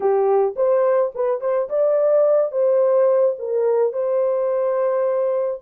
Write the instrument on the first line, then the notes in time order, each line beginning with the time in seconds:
horn
0.00 G4
0.56 C5
1.14 B4
1.40 C5
1.69 D5
2.51 C5
3.38 A#4
3.93 C5